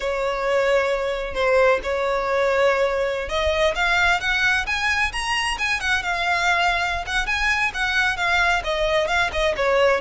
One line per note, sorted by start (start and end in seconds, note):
0.00 1.34 C#5
1.34 1.80 C5
1.83 3.29 C#5
3.29 3.74 D#5
3.75 4.20 F5
4.20 4.65 F#5
4.66 5.12 G#5
5.12 5.57 A#5
5.58 5.80 G#5
5.80 6.02 F#5
6.02 7.05 F5
7.06 7.26 F#5
7.26 7.71 G#5
7.74 8.16 F#5
8.16 8.62 F5
8.64 9.07 D#5
9.07 9.30 F5
9.32 9.55 D#5
9.56 10.01 C#5